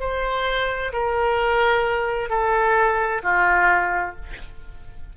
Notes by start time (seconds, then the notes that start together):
0.00 C5
0.93 A#4
2.30 A4
3.23 F4